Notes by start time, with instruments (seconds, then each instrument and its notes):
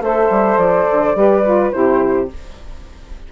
0.00 bassoon A3, saxophone A4, flute C5 E5
0.30 bassoon G3
0.57 bassoon F3, flute D5
0.91 bassoon D3
1.14 bassoon G3, saxophone G4, flute B4
1.44 saxophone F4
1.71 bassoon C3, saxophone E4, flute G4 C5